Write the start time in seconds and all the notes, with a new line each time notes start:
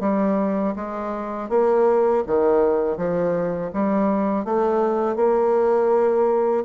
0.00 G3
0.75 G#3
1.49 A#3
2.27 D#3
2.97 F3
3.73 G3
4.45 A3
5.16 A#3